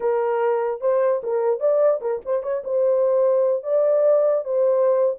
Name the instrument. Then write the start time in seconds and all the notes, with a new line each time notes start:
horn
0.00 A#4
0.81 C5
1.23 A#4
1.60 D5
2.01 A#4
2.25 C5
2.42 C#5
2.64 C5
3.63 D5
4.44 C5